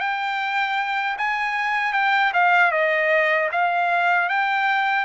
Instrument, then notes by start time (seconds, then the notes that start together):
trumpet
0.00 G5
1.18 G#5
1.93 G5
2.33 F5
2.71 D#5
3.52 F5
4.29 G5